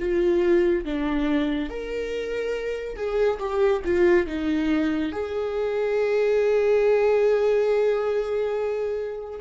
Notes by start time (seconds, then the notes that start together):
0.00 F4
0.85 D4
1.70 A#4
2.96 G#4
3.39 G4
3.85 F4
4.27 D#4
5.12 G#4